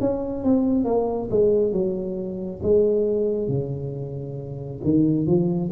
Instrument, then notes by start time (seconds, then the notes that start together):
tuba
0.00 C#4
0.44 C4
0.85 A#3
1.30 G#3
1.72 F#3
2.62 G#3
3.48 C#3
4.84 D#3
5.27 F3